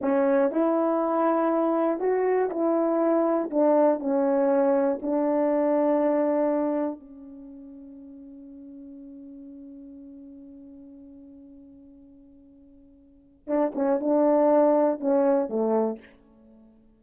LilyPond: \new Staff \with { instrumentName = "horn" } { \time 4/4 \tempo 4 = 120 cis'4 e'2. | fis'4 e'2 d'4 | cis'2 d'2~ | d'2 cis'2~ |
cis'1~ | cis'1~ | cis'2. d'8 cis'8 | d'2 cis'4 a4 | }